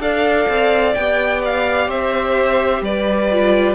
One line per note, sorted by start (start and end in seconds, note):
0.00 0.47 D4
0.00 0.95 A4
0.00 1.89 D5
0.00 0.95 F5
0.49 0.96 C4
0.95 1.88 B3
0.95 3.32 G4
0.95 1.42 G5
1.45 1.91 F5
1.88 2.82 C4
1.88 2.83 C5
1.88 2.84 E5
2.82 3.75 G3
2.82 3.75 B4
2.82 3.75 D5
3.32 3.75 F4